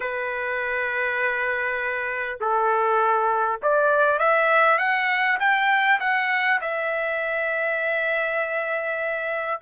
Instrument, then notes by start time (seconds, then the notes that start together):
trumpet
0.00 B4
2.40 A4
3.62 D5
4.18 E5
4.78 F#5
5.39 G5
6.00 F#5
6.61 E5